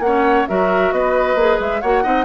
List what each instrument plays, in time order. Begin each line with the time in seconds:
0.00 bassoon A#3, clarinet C#4, oboe C#5, flute F#5
0.48 bassoon F#3, clarinet F#4, oboe A#4, flute E5
0.92 bassoon B3, oboe B4, flute D#5
1.35 bassoon A#3, clarinet G#4
1.60 bassoon G#3, flute E5
1.81 bassoon A#3, clarinet F#4, oboe C#5, flute F#5
2.03 bassoon C4, clarinet D#4, oboe D#5